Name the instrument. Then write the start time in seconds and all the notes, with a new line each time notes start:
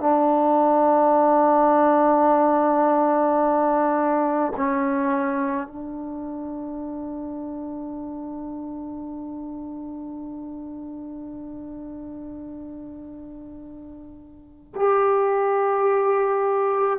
trombone
0.00 D4
4.56 C#4
5.68 D4
14.75 G4